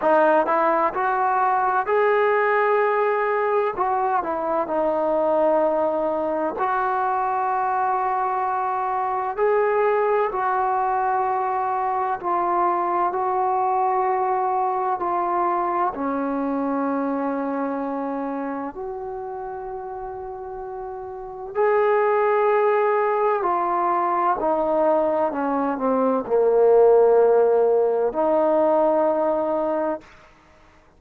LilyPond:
\new Staff \with { instrumentName = "trombone" } { \time 4/4 \tempo 4 = 64 dis'8 e'8 fis'4 gis'2 | fis'8 e'8 dis'2 fis'4~ | fis'2 gis'4 fis'4~ | fis'4 f'4 fis'2 |
f'4 cis'2. | fis'2. gis'4~ | gis'4 f'4 dis'4 cis'8 c'8 | ais2 dis'2 | }